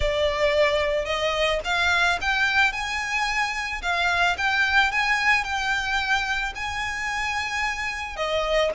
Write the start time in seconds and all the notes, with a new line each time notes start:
0.00 D5
1.05 D#5
1.64 F5
2.21 G5
2.72 G#5
3.82 F5
4.37 G5
4.91 G#5
5.44 G5
6.55 G#5
8.16 D#5